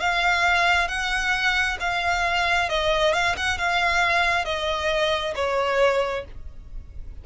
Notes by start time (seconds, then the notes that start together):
0.00 F5
0.88 F#5
1.80 F5
2.69 D#5
3.13 F5
3.37 F#5
3.58 F5
4.45 D#5
5.35 C#5